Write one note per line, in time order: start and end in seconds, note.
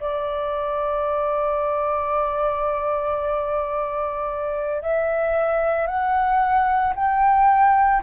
0.00 4.82 D5
4.82 5.86 E5
5.86 6.94 F#5
6.95 8.02 G5